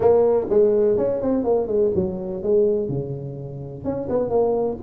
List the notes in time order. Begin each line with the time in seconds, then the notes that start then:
0.00 A#3
0.49 G#3
0.97 C#4
1.21 C4
1.44 A#3
1.67 G#3
1.94 F#3
2.42 G#3
2.88 C#3
3.84 C#4
4.09 B3
4.29 A#3